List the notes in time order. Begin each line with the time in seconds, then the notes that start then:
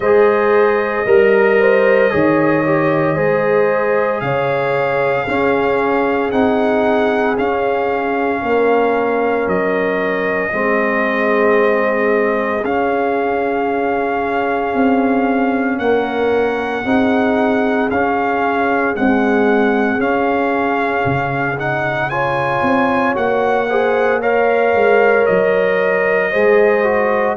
0.00 G#3 G#4 C5 D#5
1.05 G3 A#4
1.59 C5
2.11 D#3 G#4 C#5
2.64 G4
3.15 G#3 G#4 C5
4.20 C#3 C#5 F5
5.23 C#4 G#4
6.31 C4 D#4 F#5
7.37 C#4 F5
8.42 A#3 A#4
9.47 F#3 D#5
10.52 G#3 C4 G#4
12.63 C#4 F5
14.73 C4
15.78 A#3 A#4 F#5
16.84 C4 D#4 G#4
17.90 C#4 F5
18.94 G#3 C4 F#5
19.98 C#4 F5
21.05 C#3
21.57 D#4 F#5
22.09 F4 C#5 G#5
22.61 C4
23.14 A#3 F#4 F#5
23.69 G#4 C5
24.20 A#4 C#5 F5
24.74 G#3
25.26 F#3 D#5
26.30 G#3 G#4 C5
26.84 F#4